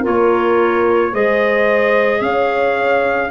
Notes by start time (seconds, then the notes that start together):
0.00 A#3 F4 A#4
0.06 C#5
1.12 G#3 G#4 C5 D#5
2.21 C#4 C#5 F5